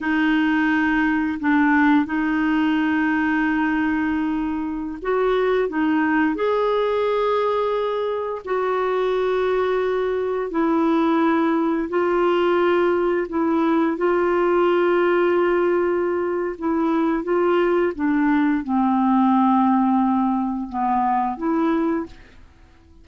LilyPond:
\new Staff \with { instrumentName = "clarinet" } { \time 4/4 \tempo 4 = 87 dis'2 d'4 dis'4~ | dis'2.~ dis'16 fis'8.~ | fis'16 dis'4 gis'2~ gis'8.~ | gis'16 fis'2. e'8.~ |
e'4~ e'16 f'2 e'8.~ | e'16 f'2.~ f'8. | e'4 f'4 d'4 c'4~ | c'2 b4 e'4 | }